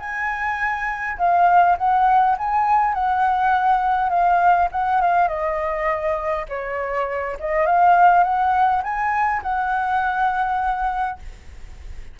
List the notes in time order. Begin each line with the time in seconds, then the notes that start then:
0.00 G#5
1.18 F5
1.78 F#5
2.38 G#5
2.94 F#5
4.10 F5
4.72 F#5
5.02 F5
5.28 D#5
6.49 C#5
7.40 D#5
7.66 F5
8.24 F#5
8.83 G#5
9.43 F#5